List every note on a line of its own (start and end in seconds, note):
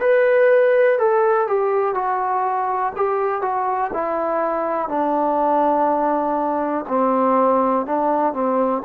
0.00 0.98 B4
0.99 1.47 A4
1.47 1.95 G4
1.95 2.93 F#4
2.96 3.42 G4
3.42 3.91 F#4
3.93 4.89 E4
4.89 6.85 D4
6.88 7.86 C4
7.86 8.33 D4
8.33 8.83 C4